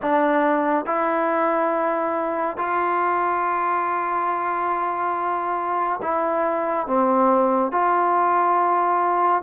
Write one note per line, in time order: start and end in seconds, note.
0.02 0.85 D4
0.85 2.57 E4
2.57 6.00 F4
6.02 6.86 E4
6.86 7.71 C4
7.71 9.42 F4